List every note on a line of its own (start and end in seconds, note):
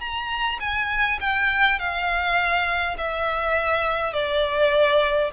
0.00 0.59 A#5
0.60 1.19 G#5
1.20 1.79 G5
1.79 2.97 F5
2.98 4.13 E5
4.13 5.30 D5